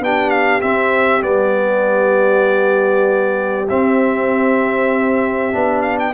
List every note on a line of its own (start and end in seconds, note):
0.00 0.61 B3
0.00 0.61 D4
0.00 6.13 G4
0.00 0.30 G5
0.30 0.61 F5
0.61 1.22 C4
0.61 1.22 E5
1.22 3.67 G3
1.22 3.66 B3
1.22 3.68 D5
3.69 5.53 C4
3.69 5.52 C4
3.69 5.82 E5
5.52 6.13 B3
5.52 6.13 D4
5.82 5.97 F5
5.99 6.13 G5